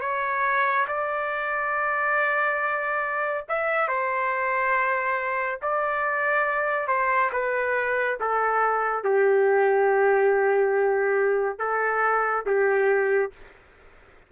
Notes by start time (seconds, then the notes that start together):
0.00 C#5
0.87 D5
3.48 E5
3.88 C5
5.62 D5
6.87 C5
7.32 B4
8.19 A4
9.04 G4
11.59 A4
12.46 G4